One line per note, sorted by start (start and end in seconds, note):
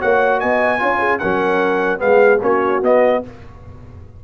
0.00 0.43 A#3
0.00 0.79 F#4
0.00 0.40 C#5
0.00 0.40 F#5
0.40 0.82 B3
0.40 0.80 D#5
0.40 1.19 G#5
0.79 1.22 C#4
0.79 1.19 F4
0.79 1.00 C#5
1.00 1.20 G#4
1.19 2.02 F#3
1.19 1.98 C#4
1.19 2.02 A#4
1.19 2.00 F#5
1.98 2.42 G#3
1.98 2.39 B3
1.98 2.43 G#4
1.98 2.41 F5
2.42 2.83 A#3
2.42 2.83 C#4
2.42 3.23 F#4
2.42 2.84 C#5
2.83 3.23 B3
2.83 3.25 D#5